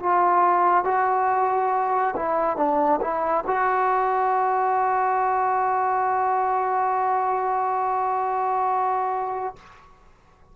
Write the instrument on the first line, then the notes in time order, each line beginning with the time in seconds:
trombone
0.00 F4
0.85 F#4
2.16 E4
2.57 D4
3.01 E4
3.47 F#4